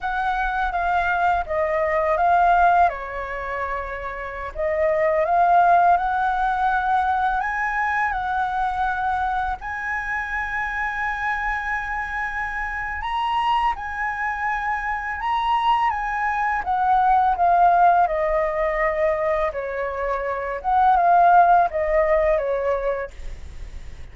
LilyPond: \new Staff \with { instrumentName = "flute" } { \time 4/4 \tempo 4 = 83 fis''4 f''4 dis''4 f''4 | cis''2~ cis''16 dis''4 f''8.~ | f''16 fis''2 gis''4 fis''8.~ | fis''4~ fis''16 gis''2~ gis''8.~ |
gis''2 ais''4 gis''4~ | gis''4 ais''4 gis''4 fis''4 | f''4 dis''2 cis''4~ | cis''8 fis''8 f''4 dis''4 cis''4 | }